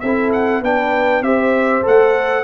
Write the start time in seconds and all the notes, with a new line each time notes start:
0.00 C4 E4 A4 E5
0.32 F#5
0.61 B3 D4 B4 G5
1.22 C4 G4 C5 E5
1.82 A3 A4 F#5